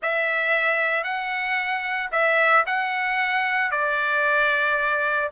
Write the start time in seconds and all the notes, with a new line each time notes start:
0.02 E5
1.03 F#5
2.11 E5
2.66 F#5
3.71 D5